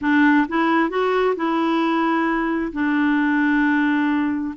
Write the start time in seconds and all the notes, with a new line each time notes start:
0.01 D4
0.48 E4
0.89 F#4
1.35 E4
2.72 D4